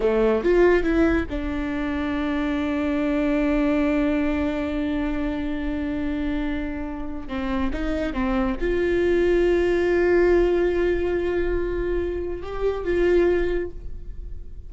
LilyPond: \new Staff \with { instrumentName = "viola" } { \time 4/4 \tempo 4 = 140 a4 f'4 e'4 d'4~ | d'1~ | d'1~ | d'1~ |
d'4 c'4 dis'4 c'4 | f'1~ | f'1~ | f'4 g'4 f'2 | }